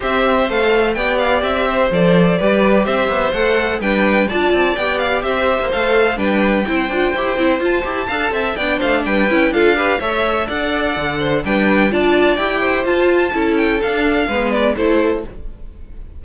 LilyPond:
<<
  \new Staff \with { instrumentName = "violin" } { \time 4/4 \tempo 4 = 126 e''4 f''4 g''8 f''8 e''4 | d''2 e''4 fis''4 | g''4 a''4 g''8 f''8 e''4 | f''4 g''2. |
a''2 g''8 f''8 g''4 | f''4 e''4 fis''2 | g''4 a''4 g''4 a''4~ | a''8 g''8 f''4. d''8 c''4 | }
  \new Staff \with { instrumentName = "violin" } { \time 4/4 c''2 d''4. c''8~ | c''4 b'4 c''2 | b'4 d''2 c''4~ | c''4 b'4 c''2~ |
c''4 f''8 e''8 d''8 c''8 b'4 | a'8 b'8 cis''4 d''4. c''8 | b'4 d''4. c''4. | a'2 b'4 a'4 | }
  \new Staff \with { instrumentName = "viola" } { \time 4/4 g'4 a'4 g'2 | a'4 g'2 a'4 | d'4 f'4 g'2 | a'4 d'4 e'8 f'8 g'8 e'8 |
f'8 g'8 a'4 d'4. e'8 | f'8 g'8 a'2. | d'4 f'4 g'4 f'4 | e'4 d'4 b4 e'4 | }
  \new Staff \with { instrumentName = "cello" } { \time 4/4 c'4 a4 b4 c'4 | f4 g4 c'8 b8 a4 | g4 d'8 c'8 b4 c'8. ais16 | a4 g4 c'8 d'8 e'8 c'8 |
f'8 e'8 d'8 c'8 b8 a8 g8 cis'8 | d'4 a4 d'4 d4 | g4 d'4 e'4 f'4 | cis'4 d'4 gis4 a4 | }
>>